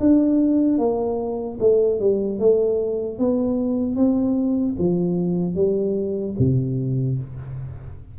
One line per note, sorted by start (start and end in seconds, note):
0.00 0.79 D4
0.79 1.59 A#3
1.60 2.00 A3
2.00 2.39 G3
2.39 3.19 A3
3.19 3.96 B3
3.96 4.76 C4
4.79 5.55 F3
5.55 6.35 G3
6.39 7.19 C3